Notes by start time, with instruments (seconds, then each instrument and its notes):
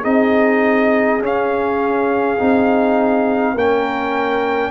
0.00 tuba C4, trombone D#4, horn G#4, trumpet D#5
1.20 tuba C#4, trombone C#4, trumpet F5
2.38 tuba C4, trombone D#4
3.54 tuba A#3, trombone C#4, horn A#4, trumpet G5